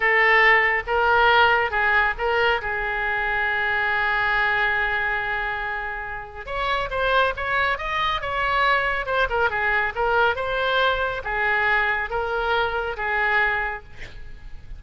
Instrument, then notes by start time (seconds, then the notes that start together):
oboe
0.00 A4
0.86 A#4
1.70 G#4
2.18 A#4
2.61 G#4
6.46 C#5
6.90 C5
7.36 C#5
7.78 D#5
8.21 C#5
9.06 C5
9.29 A#4
9.50 G#4
9.95 A#4
10.35 C5
11.23 G#4
12.10 A#4
12.96 G#4